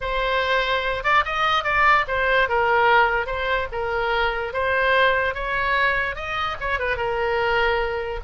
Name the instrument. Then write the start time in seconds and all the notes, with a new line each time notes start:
oboe
0.01 C5
1.03 D5
1.25 D#5
1.64 D5
2.07 C5
2.48 A#4
3.26 C5
3.72 A#4
4.53 C5
5.34 C#5
6.15 D#5
6.60 C#5
6.79 B4
6.96 A#4